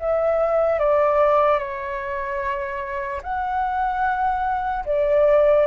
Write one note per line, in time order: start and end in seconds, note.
0.00 0.79 E5
0.79 1.59 D5
1.59 3.21 C#5
3.23 4.85 F#5
4.86 5.67 D5